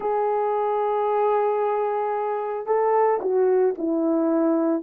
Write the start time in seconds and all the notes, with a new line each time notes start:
0.00 G#4
2.66 A4
3.21 F#4
3.77 E4